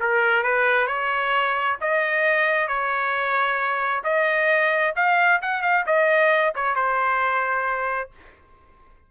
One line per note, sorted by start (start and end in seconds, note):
0.00 0.43 A#4
0.43 0.87 B4
0.87 1.77 C#5
1.81 2.68 D#5
2.68 4.03 C#5
4.04 4.94 D#5
4.96 5.41 F5
5.42 5.62 F#5
5.62 5.85 F5
5.86 6.54 D#5
6.55 6.75 C#5
6.75 8.10 C5